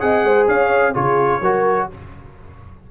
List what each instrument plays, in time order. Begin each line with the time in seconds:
0.00 tuba C4, trombone G#4, horn D#5, trumpet F#5
0.24 tuba G#3, horn C5
0.48 tuba C#4, horn C#5, trumpet F5
0.93 tuba C#3, trombone F4, horn G#4, trumpet C#5
1.41 tuba F#3, trombone F#4, horn A#4